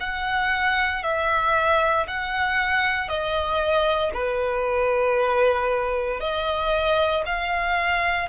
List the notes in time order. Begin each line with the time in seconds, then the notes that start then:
0.00 F#5
1.03 E5
2.07 F#5
3.08 D#5
4.13 B4
6.20 D#5
7.26 F5